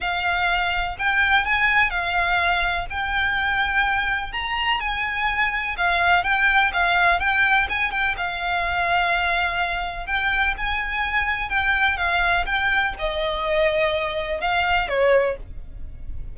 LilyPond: \new Staff \with { instrumentName = "violin" } { \time 4/4 \tempo 4 = 125 f''2 g''4 gis''4 | f''2 g''2~ | g''4 ais''4 gis''2 | f''4 g''4 f''4 g''4 |
gis''8 g''8 f''2.~ | f''4 g''4 gis''2 | g''4 f''4 g''4 dis''4~ | dis''2 f''4 cis''4 | }